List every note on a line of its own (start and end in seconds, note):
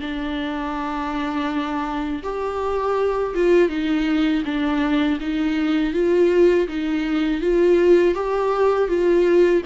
0.00 2.22 D4
2.23 3.34 G4
3.34 3.69 F4
3.69 4.43 D#4
4.45 5.19 D4
5.20 5.93 D#4
5.93 6.67 F4
6.68 7.41 D#4
7.41 8.14 F4
8.14 8.88 G4
8.88 9.62 F4